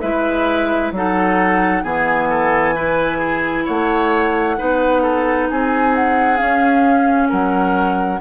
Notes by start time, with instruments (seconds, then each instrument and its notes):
0.00 bassoon G#3, clarinet E4, oboe B4, flute E5
0.91 bassoon F#3, clarinet D#4, oboe A4, flute F#5
1.83 bassoon E3, clarinet B3, oboe G#4, flute G#5
2.29 oboe A4
2.75 clarinet E4, oboe B4
3.18 oboe G#4
3.65 bassoon A3, oboe C#5, flute F#5
4.57 bassoon B3, clarinet D#4, oboe B4
5.02 oboe A4
5.49 bassoon C4, oboe G#4, flute G#5
5.95 flute F#5
6.37 clarinet C#4, bassoon C#4, flute F5
7.28 bassoon F#3, oboe A#4, flute F#5